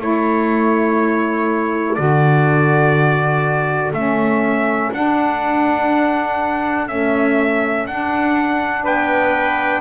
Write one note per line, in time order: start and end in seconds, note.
0.00 1.98 A3
0.00 1.97 E4
0.00 8.84 A4
0.00 1.95 C#5
1.95 3.93 D3
1.95 3.93 F#4
1.95 3.92 D5
3.93 4.92 A3
3.93 4.93 C#4
3.93 4.92 E5
4.92 6.89 D4
4.92 6.88 D4
4.92 6.88 F#5
6.88 7.87 A3
6.88 7.87 C#4
6.88 7.86 E5
7.87 8.85 D4
7.87 9.82 D4
7.87 8.85 F#5
8.84 9.82 B3
8.84 9.82 B4
8.84 9.82 G5